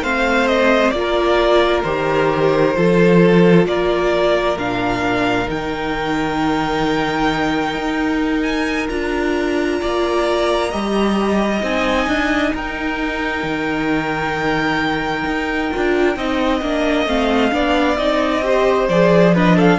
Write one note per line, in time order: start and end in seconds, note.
0.00 0.91 A3
0.00 0.94 C4
0.00 0.93 C5
0.00 0.47 F5
0.47 0.89 D#5
0.89 1.83 A#3
0.89 1.84 F4
0.89 1.80 D5
0.99 2.76 A#4
1.83 2.75 D#3
1.83 2.74 G4
1.83 3.65 C5
2.74 3.66 F3
2.74 4.56 F4
2.74 3.67 A4
3.66 4.56 A#3
3.66 9.80 A#4
3.66 4.58 D5
4.56 5.47 A#2
4.56 5.45 D4
4.56 5.49 F5
5.45 7.75 D#3
5.45 8.86 D#4
5.45 8.42 G5
7.75 8.88 D#4
8.42 8.87 G#5
8.89 9.81 D4
8.89 10.71 F4
8.89 11.62 A#5
9.80 10.73 A#3
9.80 10.70 D5
10.70 11.62 G3
10.70 11.60 G4
10.70 12.52 D#5
11.60 12.07 C4
11.60 15.69 D#4
11.60 12.55 G#5
12.07 12.52 D4
12.54 13.43 D#4
12.54 16.17 A#4
12.54 17.07 G5
13.43 15.24 D#3
15.26 15.71 D#4
15.71 16.16 D4
15.71 16.15 F4
16.15 16.61 C4
16.15 16.61 D#4
16.15 17.53 D#5
16.61 17.06 A#3
16.61 17.07 D4
17.06 17.51 A3
17.06 17.51 C4
17.06 17.97 F5
17.51 17.98 B3
17.51 17.97 D4
17.51 18.44 D5
17.97 18.88 C4
17.97 18.42 D#4
17.97 18.87 D#5
18.42 18.87 G4
18.42 19.34 C5
18.88 19.79 F3
18.88 19.35 G#4
18.88 19.34 D5
19.34 19.79 D4
19.34 19.56 B4
19.34 19.59 D#5
19.56 19.78 A4
19.56 19.79 F5